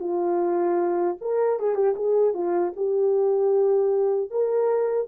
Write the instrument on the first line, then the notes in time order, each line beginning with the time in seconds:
horn
0.00 F4
1.21 A#4
1.60 G#4
1.75 G4
1.97 G#4
2.34 F4
2.77 G4
4.31 A#4